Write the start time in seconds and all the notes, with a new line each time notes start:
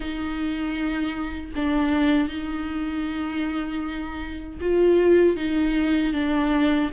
0.00 D#4
1.55 D4
2.28 D#4
4.60 F4
5.36 D#4
6.13 D4